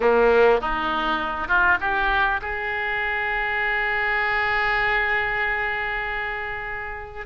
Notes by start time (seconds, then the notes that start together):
0.00 A#3
0.61 D#4
1.47 F4
1.80 G4
2.41 G#4